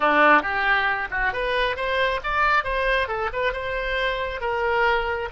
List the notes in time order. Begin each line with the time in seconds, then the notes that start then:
0.00 D4
0.42 G4
1.10 F#4
1.32 B4
1.76 C5
2.23 D5
2.64 C5
3.07 A4
3.32 B4
3.53 C5
4.40 A#4